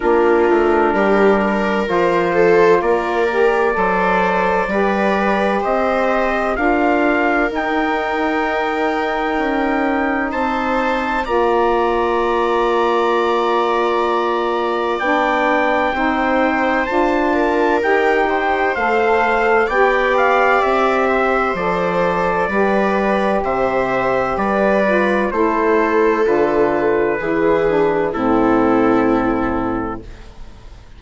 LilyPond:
<<
  \new Staff \with { instrumentName = "trumpet" } { \time 4/4 \tempo 4 = 64 ais'2 c''4 d''4~ | d''2 dis''4 f''4 | g''2. a''4 | ais''1 |
g''2 a''4 g''4 | f''4 g''8 f''8 e''4 d''4~ | d''4 e''4 d''4 c''4 | b'2 a'2 | }
  \new Staff \with { instrumentName = "viola" } { \time 4/4 f'4 g'8 ais'4 a'8 ais'4 | c''4 b'4 c''4 ais'4~ | ais'2. c''4 | d''1~ |
d''4 c''4. ais'4 c''8~ | c''4 d''4. c''4. | b'4 c''4 b'4 a'4~ | a'4 gis'4 e'2 | }
  \new Staff \with { instrumentName = "saxophone" } { \time 4/4 d'2 f'4. g'8 | a'4 g'2 f'4 | dis'1 | f'1 |
d'4 dis'4 f'4 g'4 | a'4 g'2 a'4 | g'2~ g'8 f'8 e'4 | f'4 e'8 d'8 c'2 | }
  \new Staff \with { instrumentName = "bassoon" } { \time 4/4 ais8 a8 g4 f4 ais4 | fis4 g4 c'4 d'4 | dis'2 cis'4 c'4 | ais1 |
b4 c'4 d'4 dis'4 | a4 b4 c'4 f4 | g4 c4 g4 a4 | d4 e4 a,2 | }
>>